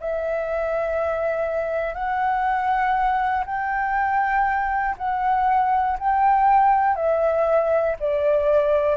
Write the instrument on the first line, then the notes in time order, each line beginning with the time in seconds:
flute
0.00 E5
1.94 F#5
3.45 G5
4.98 F#5
5.99 G5
6.95 E5
8.00 D5